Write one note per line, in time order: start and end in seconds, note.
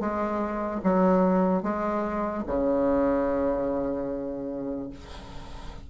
0.00 0.81 G#3
0.84 1.63 F#3
1.63 2.44 G#3
2.47 4.90 C#3